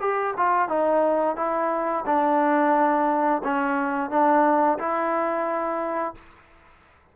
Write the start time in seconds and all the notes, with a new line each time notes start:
0.00 G4
0.37 F4
0.68 D#4
1.36 E4
2.05 D4
3.43 C#4
4.10 D4
4.78 E4